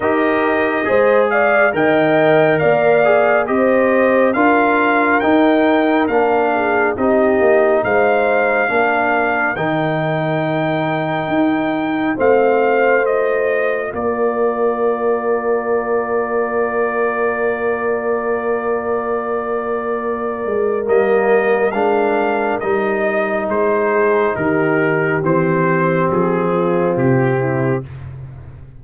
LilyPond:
<<
  \new Staff \with { instrumentName = "trumpet" } { \time 4/4 \tempo 4 = 69 dis''4. f''8 g''4 f''4 | dis''4 f''4 g''4 f''4 | dis''4 f''2 g''4~ | g''2 f''4 dis''4 |
d''1~ | d''1 | dis''4 f''4 dis''4 c''4 | ais'4 c''4 gis'4 g'4 | }
  \new Staff \with { instrumentName = "horn" } { \time 4/4 ais'4 c''8 d''8 dis''4 d''4 | c''4 ais'2~ ais'8 gis'8 | g'4 c''4 ais'2~ | ais'2 c''2 |
ais'1~ | ais'1~ | ais'2.~ ais'8 gis'8 | g'2~ g'8 f'4 e'8 | }
  \new Staff \with { instrumentName = "trombone" } { \time 4/4 g'4 gis'4 ais'4. gis'8 | g'4 f'4 dis'4 d'4 | dis'2 d'4 dis'4~ | dis'2 c'4 f'4~ |
f'1~ | f'1 | ais4 d'4 dis'2~ | dis'4 c'2. | }
  \new Staff \with { instrumentName = "tuba" } { \time 4/4 dis'4 gis4 dis4 ais4 | c'4 d'4 dis'4 ais4 | c'8 ais8 gis4 ais4 dis4~ | dis4 dis'4 a2 |
ais1~ | ais2.~ ais8 gis8 | g4 gis4 g4 gis4 | dis4 e4 f4 c4 | }
>>